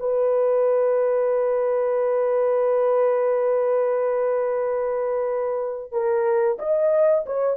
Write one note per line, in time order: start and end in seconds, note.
0.00 5.92 B4
5.92 6.58 A#4
6.59 7.25 D#5
7.26 7.57 C#5